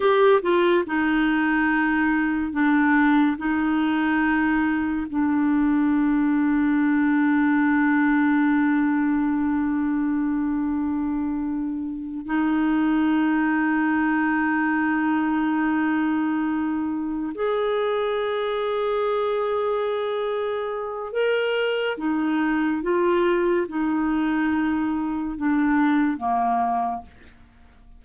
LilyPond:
\new Staff \with { instrumentName = "clarinet" } { \time 4/4 \tempo 4 = 71 g'8 f'8 dis'2 d'4 | dis'2 d'2~ | d'1~ | d'2~ d'8 dis'4.~ |
dis'1~ | dis'8 gis'2.~ gis'8~ | gis'4 ais'4 dis'4 f'4 | dis'2 d'4 ais4 | }